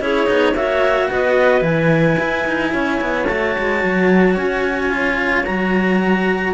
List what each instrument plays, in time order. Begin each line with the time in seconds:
0.00 cello C#4 E4, clarinet G#4 C#5
0.26 cello B3 D#4
0.53 cello A#3 F#4, clarinet C#5 E5
1.10 cello B3, clarinet B4 D#5
1.61 cello E3 E4, clarinet G#5
2.19 cello E4
2.47 cello D#4
2.72 cello C#4, clarinet C#5
3.01 cello B3
3.26 cello A3 F#4, clarinet A5
3.59 cello G#3
3.84 cello F#3
4.37 cello C#4, clarinet G#5
4.90 cello F4
5.45 cello F#3 F#4, clarinet A#5